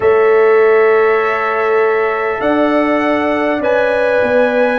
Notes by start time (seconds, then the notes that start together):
0.00 A3 A4 C#5 E5
2.40 D4 D5 F#5
3.59 C#4 B4 G#5
4.22 B3